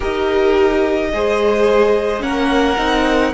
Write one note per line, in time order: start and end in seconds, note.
0.00 1.12 D#4
0.00 1.11 G4
0.00 1.10 A#4
0.00 2.22 D#5
1.12 2.22 G#3
1.12 2.20 G#4
1.12 2.23 C5
2.20 2.77 A#3
2.20 2.75 C#4
2.20 3.33 A#4
2.20 3.33 F#5
2.77 3.33 C4
2.77 3.33 D#4